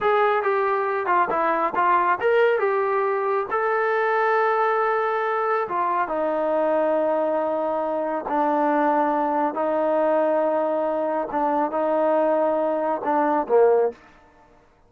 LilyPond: \new Staff \with { instrumentName = "trombone" } { \time 4/4 \tempo 4 = 138 gis'4 g'4. f'8 e'4 | f'4 ais'4 g'2 | a'1~ | a'4 f'4 dis'2~ |
dis'2. d'4~ | d'2 dis'2~ | dis'2 d'4 dis'4~ | dis'2 d'4 ais4 | }